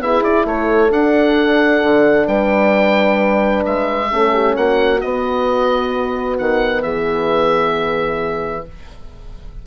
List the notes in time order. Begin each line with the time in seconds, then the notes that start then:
0.00 B3 E4 G#4 E5
0.23 E4 D5
0.45 A3 A4 C#5
0.90 D4 F#5
1.83 D3
2.27 G3 B4 G5
3.65 G#3 E5
4.10 A3 C#4 A4
4.33 G4
4.56 A#3 F#4 F#5
5.01 B3 D#5
6.38 D#3 F#5
6.82 E3 G#4 E5